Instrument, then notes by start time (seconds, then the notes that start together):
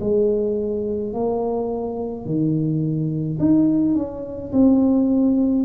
tuba
0.00 G#3
1.13 A#3
2.25 D#3
3.40 D#4
3.95 C#4
4.52 C4